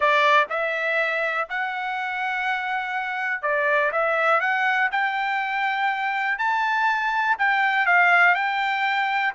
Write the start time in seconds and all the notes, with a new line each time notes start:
0.00 D5
0.49 E5
1.49 F#5
3.42 D5
3.91 E5
4.40 F#5
4.91 G5
6.38 A5
7.38 G5
7.86 F5
8.34 G5